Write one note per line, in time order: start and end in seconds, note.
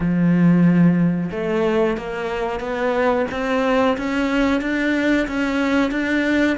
0.00 1.30 F3
1.31 1.97 A3
1.97 2.60 A#3
2.60 3.25 B3
3.31 3.97 C4
3.97 4.61 C#4
4.61 5.27 D4
5.27 5.91 C#4
5.91 6.57 D4